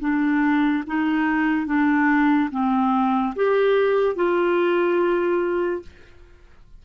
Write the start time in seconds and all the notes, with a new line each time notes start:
0.00 D4
0.86 D#4
1.66 D4
2.50 C4
3.35 G4
4.15 F4